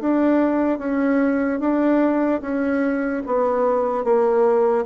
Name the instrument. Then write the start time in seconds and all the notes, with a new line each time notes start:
bassoon
0.00 D4
0.78 C#4
1.60 D4
2.41 C#4
3.26 B3
4.04 A#3